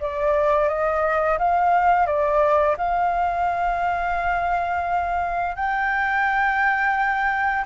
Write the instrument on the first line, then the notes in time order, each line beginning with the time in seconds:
flute
0.00 D5
0.68 D#5
1.38 F5
2.06 D5
2.77 F5
5.55 G5